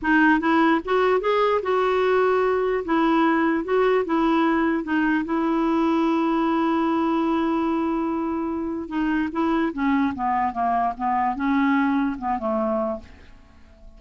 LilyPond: \new Staff \with { instrumentName = "clarinet" } { \time 4/4 \tempo 4 = 148 dis'4 e'4 fis'4 gis'4 | fis'2. e'4~ | e'4 fis'4 e'2 | dis'4 e'2.~ |
e'1~ | e'2 dis'4 e'4 | cis'4 b4 ais4 b4 | cis'2 b8 a4. | }